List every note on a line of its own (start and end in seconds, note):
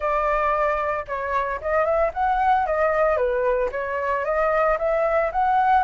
0.00 1.05 D5
1.07 1.60 C#5
1.61 1.84 D#5
1.84 2.11 E5
2.13 2.66 F#5
2.66 3.16 D#5
3.16 3.69 B4
3.71 4.24 C#5
4.24 4.77 D#5
4.78 5.31 E5
5.31 5.83 F#5